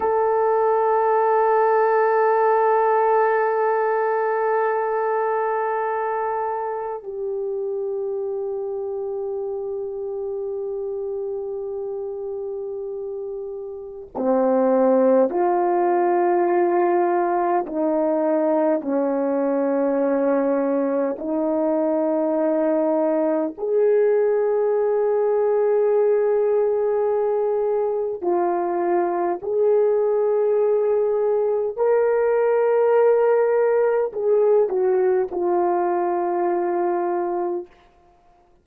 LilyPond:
\new Staff \with { instrumentName = "horn" } { \time 4/4 \tempo 4 = 51 a'1~ | a'2 g'2~ | g'1 | c'4 f'2 dis'4 |
cis'2 dis'2 | gis'1 | f'4 gis'2 ais'4~ | ais'4 gis'8 fis'8 f'2 | }